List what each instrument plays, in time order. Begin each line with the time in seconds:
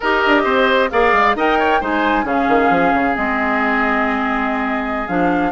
0.00 bassoon D#4, clarinet G4, oboe A#4, flute D#5
0.26 bassoon D4
0.44 bassoon C4, oboe C5
0.90 bassoon A#3, clarinet G#4, oboe D5, flute F5
1.12 bassoon G#3
1.35 bassoon D#4, clarinet A#4, oboe D#5, flute G5
1.58 oboe C#5
1.80 bassoon G#3, clarinet D#4, oboe C5, flute G#5
2.24 bassoon C#3, clarinet C#4, oboe G#4, flute F5
2.48 bassoon D#3
2.70 bassoon F3
2.93 bassoon C#3
3.15 bassoon G#3, clarinet C4, flute D#5
5.07 bassoon F3, clarinet D4, flute F5